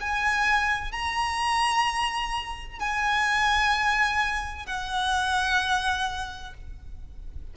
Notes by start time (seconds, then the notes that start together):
0.00 G#5
0.92 A#5
2.79 G#5
4.66 F#5